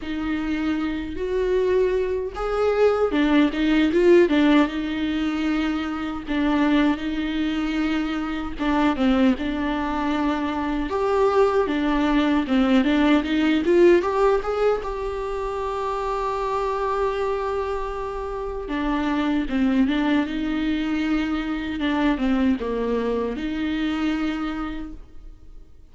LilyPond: \new Staff \with { instrumentName = "viola" } { \time 4/4 \tempo 4 = 77 dis'4. fis'4. gis'4 | d'8 dis'8 f'8 d'8 dis'2 | d'4 dis'2 d'8 c'8 | d'2 g'4 d'4 |
c'8 d'8 dis'8 f'8 g'8 gis'8 g'4~ | g'1 | d'4 c'8 d'8 dis'2 | d'8 c'8 ais4 dis'2 | }